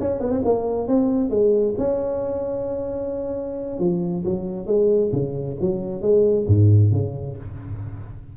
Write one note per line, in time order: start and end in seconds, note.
0.00 0.20 C#4
0.20 0.31 B3
0.31 0.42 C4
0.45 0.88 A#3
0.88 1.30 C4
1.30 1.75 G#3
1.78 3.80 C#4
3.80 4.24 F3
4.25 4.67 F#3
4.67 5.11 G#3
5.12 5.57 C#3
5.61 6.02 F#3
6.02 6.46 G#3
6.47 6.92 G#2
6.92 7.37 C#3